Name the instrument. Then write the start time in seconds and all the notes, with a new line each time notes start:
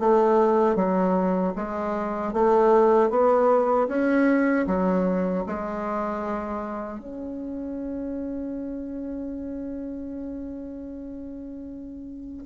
bassoon
0.00 A3
0.76 F#3
1.56 G#3
2.34 A3
3.10 B3
3.88 C#4
4.67 F#3
5.47 G#3
7.00 C#4